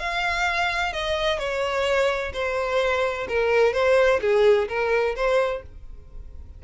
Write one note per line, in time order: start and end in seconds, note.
0.00 0.93 F5
0.93 1.39 D#5
1.39 2.33 C#5
2.34 3.27 C5
3.29 3.74 A#4
3.74 4.21 C5
4.22 4.69 G#4
4.69 5.16 A#4
5.16 5.63 C5